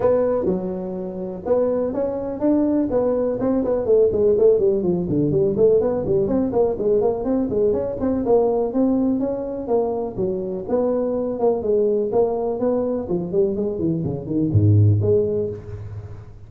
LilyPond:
\new Staff \with { instrumentName = "tuba" } { \time 4/4 \tempo 4 = 124 b4 fis2 b4 | cis'4 d'4 b4 c'8 b8 | a8 gis8 a8 g8 f8 d8 g8 a8 | b8 g8 c'8 ais8 gis8 ais8 c'8 gis8 |
cis'8 c'8 ais4 c'4 cis'4 | ais4 fis4 b4. ais8 | gis4 ais4 b4 f8 g8 | gis8 e8 cis8 dis8 gis,4 gis4 | }